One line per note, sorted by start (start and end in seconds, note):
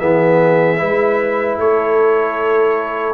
0.00 0.80 E3
0.00 0.78 B3
0.00 0.79 G#4
0.00 1.58 E5
0.78 1.57 G#3
0.78 3.14 E4
0.78 1.58 B4
1.57 3.14 A3
1.57 3.14 A4
1.57 3.14 C#5